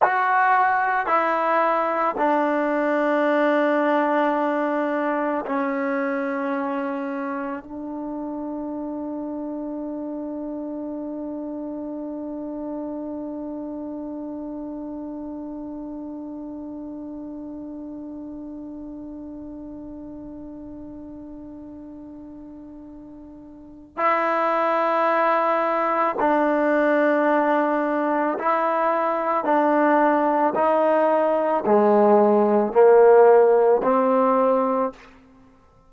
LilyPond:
\new Staff \with { instrumentName = "trombone" } { \time 4/4 \tempo 4 = 55 fis'4 e'4 d'2~ | d'4 cis'2 d'4~ | d'1~ | d'1~ |
d'1~ | d'2 e'2 | d'2 e'4 d'4 | dis'4 gis4 ais4 c'4 | }